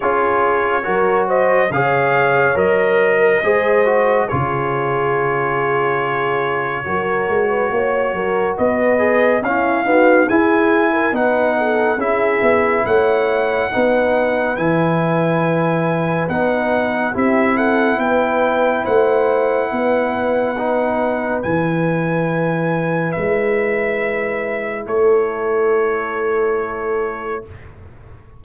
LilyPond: <<
  \new Staff \with { instrumentName = "trumpet" } { \time 4/4 \tempo 4 = 70 cis''4. dis''8 f''4 dis''4~ | dis''4 cis''2.~ | cis''2 dis''4 f''4 | gis''4 fis''4 e''4 fis''4~ |
fis''4 gis''2 fis''4 | e''8 fis''8 g''4 fis''2~ | fis''4 gis''2 e''4~ | e''4 cis''2. | }
  \new Staff \with { instrumentName = "horn" } { \time 4/4 gis'4 ais'8 c''8 cis''4.~ cis''16 ais'16 | c''4 gis'2. | ais'8. b'16 cis''8 ais'8 b'4 e'8 fis'8 | gis'8. ais'16 b'8 a'8 gis'4 cis''4 |
b'1 | g'8 a'8 b'4 c''4 b'4~ | b'1~ | b'4 a'2. | }
  \new Staff \with { instrumentName = "trombone" } { \time 4/4 f'4 fis'4 gis'4 ais'4 | gis'8 fis'8 f'2. | fis'2~ fis'8 gis'8 cis'8 b8 | e'4 dis'4 e'2 |
dis'4 e'2 dis'4 | e'1 | dis'4 e'2.~ | e'1 | }
  \new Staff \with { instrumentName = "tuba" } { \time 4/4 cis'4 fis4 cis4 fis4 | gis4 cis2. | fis8 gis8 ais8 fis8 b4 cis'8 dis'8 | e'4 b4 cis'8 b8 a4 |
b4 e2 b4 | c'4 b4 a4 b4~ | b4 e2 gis4~ | gis4 a2. | }
>>